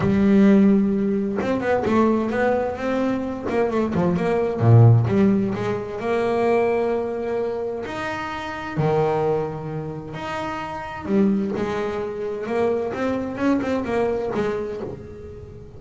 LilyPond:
\new Staff \with { instrumentName = "double bass" } { \time 4/4 \tempo 4 = 130 g2. c'8 b8 | a4 b4 c'4. ais8 | a8 f8 ais4 ais,4 g4 | gis4 ais2.~ |
ais4 dis'2 dis4~ | dis2 dis'2 | g4 gis2 ais4 | c'4 cis'8 c'8 ais4 gis4 | }